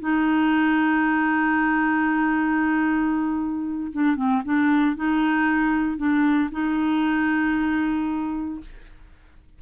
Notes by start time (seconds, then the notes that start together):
0.00 D#4
3.92 D4
4.16 C4
4.44 D4
4.96 D#4
5.97 D4
6.51 D#4